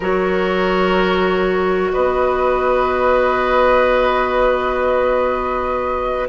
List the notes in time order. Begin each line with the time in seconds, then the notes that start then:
0.00 F#3 F#4 A#4 C#5
1.92 B3 B4 D#5